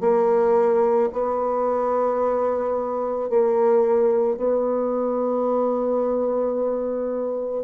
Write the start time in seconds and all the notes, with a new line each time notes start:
0.00 A#3
1.12 B3
3.29 A#3
4.36 B3